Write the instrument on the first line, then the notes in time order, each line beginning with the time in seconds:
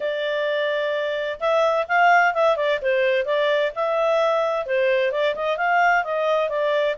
clarinet
0.00 D5
1.40 E5
1.88 F5
2.34 E5
2.56 D5
2.81 C5
3.25 D5
3.75 E5
4.65 C5
5.11 D5
5.35 D#5
5.57 F5
6.04 D#5
6.49 D5